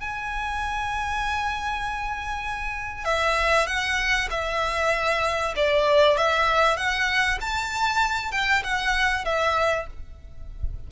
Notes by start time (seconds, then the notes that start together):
0.00 G#5
3.05 E5
3.67 F#5
4.31 E5
5.56 D5
6.17 E5
6.77 F#5
7.41 A5
8.32 G5
8.64 F#5
9.25 E5